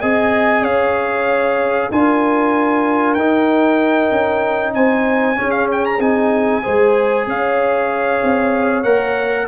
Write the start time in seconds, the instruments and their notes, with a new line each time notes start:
0.00 tuba C4, trombone G#4, horn D#5, trumpet G#5
0.62 tuba C#4, horn C#5, trumpet F5
1.91 tuba D4, trombone F4, horn A#4, trumpet G#5
3.14 tuba D#4, trombone D#4, trumpet G5
4.11 tuba C#4
4.74 tuba C4, horn C5, trumpet G#5
5.35 trombone C#4, tuba C#4, horn G#4
5.51 trumpet F5
5.72 trumpet G5
5.85 trumpet A#5
5.99 tuba C4, trombone D#4, trumpet G#5
6.63 tuba G#3, trombone G#4, horn C5
7.27 tuba C#4, horn C#5, trumpet F5
8.23 tuba C4
8.83 tuba A#3, trombone A#4, trumpet F#5